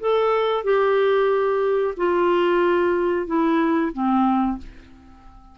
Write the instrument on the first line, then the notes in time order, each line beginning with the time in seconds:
clarinet
0.00 A4
0.64 G4
1.97 F4
3.27 E4
3.93 C4